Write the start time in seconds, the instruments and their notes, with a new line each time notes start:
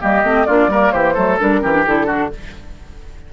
0.00 bassoon G3, clarinet A#3, oboe G4, flute D#5
0.23 bassoon A3, clarinet C4
0.46 bassoon A#3, clarinet D4, oboe F4, flute D5
0.68 bassoon G3, clarinet A#3, oboe A#4
0.91 bassoon E3, oboe G4, flute C5
1.14 bassoon F#3, clarinet A3, oboe A4
1.39 bassoon G3, clarinet D4, flute A#4
1.62 bassoon E3, clarinet C#4, oboe G4
1.72 clarinet D4
1.85 bassoon D3, clarinet E4, flute A4
2.06 clarinet D4, oboe F#4